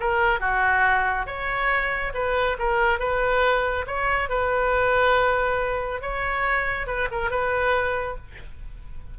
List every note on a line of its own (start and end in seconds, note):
0.00 0.40 A#4
0.40 1.26 F#4
1.26 2.13 C#5
2.14 2.57 B4
2.59 2.99 A#4
2.99 3.86 B4
3.87 4.29 C#5
4.29 6.02 B4
6.02 6.87 C#5
6.87 7.08 B4
7.11 7.30 A#4
7.30 8.17 B4